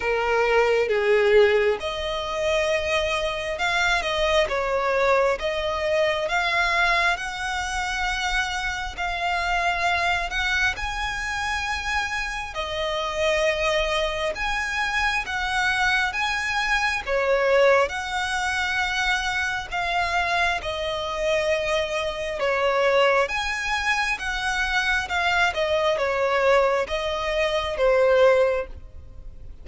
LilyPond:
\new Staff \with { instrumentName = "violin" } { \time 4/4 \tempo 4 = 67 ais'4 gis'4 dis''2 | f''8 dis''8 cis''4 dis''4 f''4 | fis''2 f''4. fis''8 | gis''2 dis''2 |
gis''4 fis''4 gis''4 cis''4 | fis''2 f''4 dis''4~ | dis''4 cis''4 gis''4 fis''4 | f''8 dis''8 cis''4 dis''4 c''4 | }